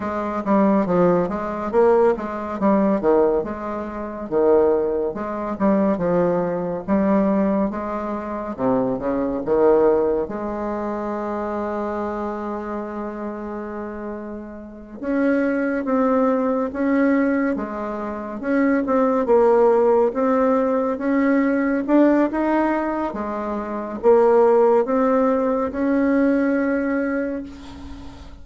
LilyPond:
\new Staff \with { instrumentName = "bassoon" } { \time 4/4 \tempo 4 = 70 gis8 g8 f8 gis8 ais8 gis8 g8 dis8 | gis4 dis4 gis8 g8 f4 | g4 gis4 c8 cis8 dis4 | gis1~ |
gis4. cis'4 c'4 cis'8~ | cis'8 gis4 cis'8 c'8 ais4 c'8~ | c'8 cis'4 d'8 dis'4 gis4 | ais4 c'4 cis'2 | }